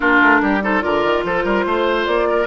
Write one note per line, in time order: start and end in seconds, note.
0.00 0.21 A#3
0.00 0.61 D4
0.00 0.41 F4
0.00 0.61 A#4
0.21 0.41 A3
0.41 0.83 G3
0.41 0.63 G4
0.61 0.81 D#4
0.61 0.83 A4
0.61 0.82 C5
0.81 1.04 D3
0.81 2.46 F4
0.81 1.24 A#4
0.81 1.23 D5
1.04 1.23 D#3
1.23 1.44 F3
1.23 1.44 A4
1.23 2.06 C5
1.44 1.65 G3
1.44 1.64 A#4
1.65 2.06 A3
1.65 2.28 C5
2.06 2.47 A#3
2.06 2.47 D5
2.29 2.47 A#4